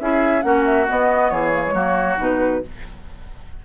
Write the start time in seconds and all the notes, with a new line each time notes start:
0.00 C#4 E4 G#4 E5
0.42 A#3 C#4 F#4 F#5
0.65 E5
0.88 B3 D#5
1.30 E3 G#4 C#5
1.53 A#3
1.66 G#3
1.73 F#3 A#3 F#4
2.18 B2 D#4 B4